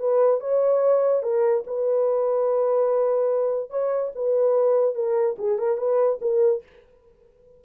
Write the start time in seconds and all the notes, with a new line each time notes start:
0.00 B4
0.40 C#5
1.23 A#4
1.67 B4
3.70 C#5
4.15 B4
4.95 A#4
5.39 G#4
5.59 A#4
5.78 B4
6.22 A#4